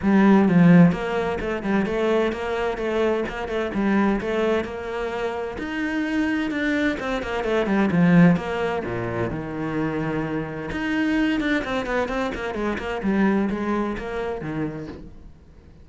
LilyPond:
\new Staff \with { instrumentName = "cello" } { \time 4/4 \tempo 4 = 129 g4 f4 ais4 a8 g8 | a4 ais4 a4 ais8 a8 | g4 a4 ais2 | dis'2 d'4 c'8 ais8 |
a8 g8 f4 ais4 ais,4 | dis2. dis'4~ | dis'8 d'8 c'8 b8 c'8 ais8 gis8 ais8 | g4 gis4 ais4 dis4 | }